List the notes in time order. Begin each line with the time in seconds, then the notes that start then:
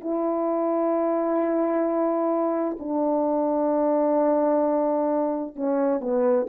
0.00 E4
2.79 D4
5.56 C#4
6.00 B3